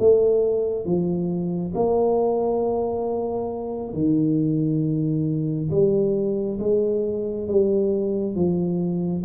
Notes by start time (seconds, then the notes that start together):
0.00 A3
0.86 F3
1.76 A#3
3.94 D#3
5.71 G3
6.60 G#3
7.48 G3
8.36 F3